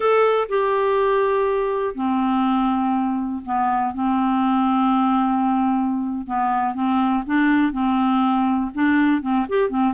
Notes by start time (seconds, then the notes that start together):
0.00 A4
0.49 G4
1.94 C4
3.45 B3
3.93 C4
6.26 B3
6.74 C4
7.26 D4
7.72 C4
8.74 D4
9.21 C4
9.48 G4
9.69 C4